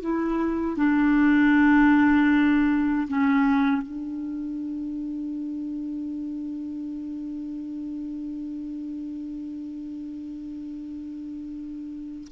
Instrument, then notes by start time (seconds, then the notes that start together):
clarinet
0.00 E4
0.77 D4
3.07 C#4
3.82 D4